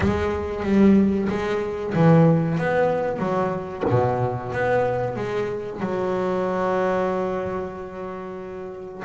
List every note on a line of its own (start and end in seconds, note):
0.00 0.63 G#3
0.63 1.28 G3
1.29 1.93 G#3
1.94 2.58 E3
2.58 3.18 B3
3.18 3.83 F#3
3.89 4.52 B2
4.52 5.16 B3
5.16 5.80 G#3
5.80 9.03 F#3